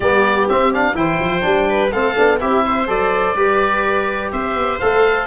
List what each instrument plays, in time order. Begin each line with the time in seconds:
0.00 tuba G3, trombone B3, viola G4, oboe D5
0.48 tuba C4, trombone C4, oboe E5
0.73 trombone D4, oboe F5
0.94 tuba E3, trombone E4, viola C5, oboe G5
1.19 tuba F3
1.41 tuba G3, trombone D4
1.69 viola B4
1.91 tuba A3, trombone C4, viola A4, oboe F5
2.15 tuba B3, trombone D4
2.40 tuba C4, trombone E4, viola G4, oboe E5
2.65 viola C5
2.86 tuba F#3, trombone A4, oboe D5
3.35 tuba G3, trombone G4, viola B4
4.32 tuba C4, viola C5, oboe E5
4.55 tuba B3
4.79 tuba A3, trombone A4, oboe F5